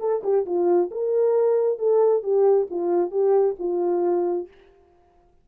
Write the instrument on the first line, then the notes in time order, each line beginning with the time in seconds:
horn
0.00 A4
0.23 G4
0.46 F4
0.91 A#4
1.79 A4
2.23 G4
2.71 F4
3.11 G4
3.59 F4